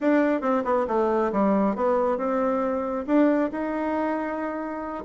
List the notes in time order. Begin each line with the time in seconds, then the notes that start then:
0.00 D4
0.41 C4
0.64 B3
0.87 A3
1.32 G3
1.75 B3
2.17 C4
3.06 D4
3.51 D#4